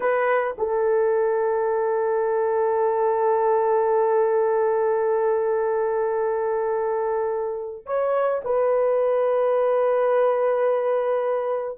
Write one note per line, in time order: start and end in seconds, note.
0.00 0.56 B4
0.58 7.86 A4
7.86 8.42 C#5
8.44 11.78 B4